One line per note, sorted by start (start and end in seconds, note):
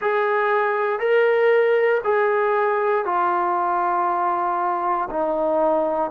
0.01 0.99 G#4
0.99 2.01 A#4
2.03 3.05 G#4
3.05 5.08 F4
5.10 6.10 D#4